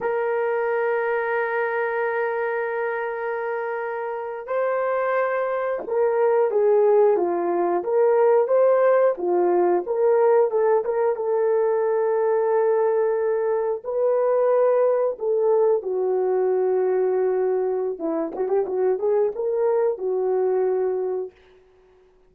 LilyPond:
\new Staff \with { instrumentName = "horn" } { \time 4/4 \tempo 4 = 90 ais'1~ | ais'2~ ais'8. c''4~ c''16~ | c''8. ais'4 gis'4 f'4 ais'16~ | ais'8. c''4 f'4 ais'4 a'16~ |
a'16 ais'8 a'2.~ a'16~ | a'8. b'2 a'4 fis'16~ | fis'2. e'8 fis'16 g'16 | fis'8 gis'8 ais'4 fis'2 | }